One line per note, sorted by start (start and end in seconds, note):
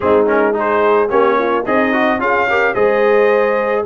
0.00 1.10 G#3
0.00 0.26 C4
0.00 0.54 D#4
0.00 0.26 G#4
0.26 0.53 C#4
0.26 0.56 A#4
0.53 1.08 D#4
0.53 1.09 G#4
0.59 1.09 C5
1.08 1.65 A#3
1.08 1.63 C#4
1.08 1.36 G4
1.08 1.64 C#5
1.38 1.65 F4
1.65 2.19 C4
1.65 2.20 D#4
1.65 1.92 G#4
1.65 2.20 D#5
1.92 2.19 F#4
2.19 2.74 C#4
2.19 2.47 F4
2.19 2.48 G#4
2.19 2.74 F5
2.49 2.75 G4
2.49 2.74 A#4
2.74 3.85 G#3
2.74 3.85 G#4
2.74 3.84 C5
2.74 3.84 D#5